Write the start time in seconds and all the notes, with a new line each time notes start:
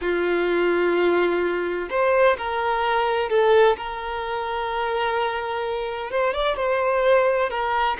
0.01 F4
1.90 C5
2.37 A#4
3.29 A4
3.77 A#4
6.10 C5
6.33 D5
6.56 C5
7.50 A#4